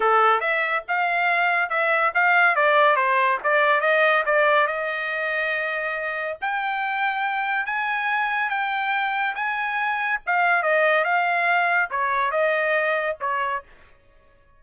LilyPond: \new Staff \with { instrumentName = "trumpet" } { \time 4/4 \tempo 4 = 141 a'4 e''4 f''2 | e''4 f''4 d''4 c''4 | d''4 dis''4 d''4 dis''4~ | dis''2. g''4~ |
g''2 gis''2 | g''2 gis''2 | f''4 dis''4 f''2 | cis''4 dis''2 cis''4 | }